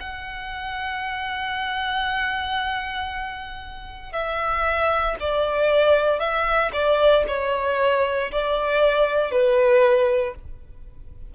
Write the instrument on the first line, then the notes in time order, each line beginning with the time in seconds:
violin
0.00 F#5
4.12 E5
5.20 D5
6.19 E5
6.72 D5
7.27 C#5
8.31 D5
9.31 B4